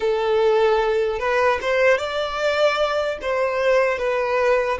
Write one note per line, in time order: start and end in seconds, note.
0.00 1.19 A4
1.19 1.59 B4
1.61 1.98 C5
1.98 3.18 D5
3.21 3.98 C5
3.98 4.78 B4